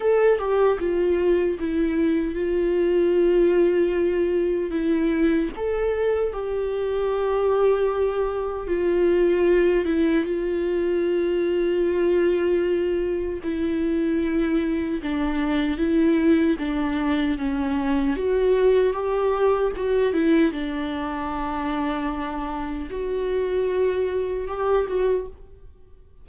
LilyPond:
\new Staff \with { instrumentName = "viola" } { \time 4/4 \tempo 4 = 76 a'8 g'8 f'4 e'4 f'4~ | f'2 e'4 a'4 | g'2. f'4~ | f'8 e'8 f'2.~ |
f'4 e'2 d'4 | e'4 d'4 cis'4 fis'4 | g'4 fis'8 e'8 d'2~ | d'4 fis'2 g'8 fis'8 | }